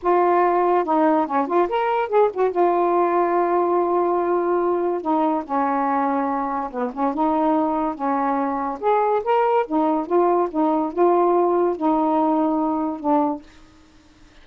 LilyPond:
\new Staff \with { instrumentName = "saxophone" } { \time 4/4 \tempo 4 = 143 f'2 dis'4 cis'8 f'8 | ais'4 gis'8 fis'8 f'2~ | f'1 | dis'4 cis'2. |
b8 cis'8 dis'2 cis'4~ | cis'4 gis'4 ais'4 dis'4 | f'4 dis'4 f'2 | dis'2. d'4 | }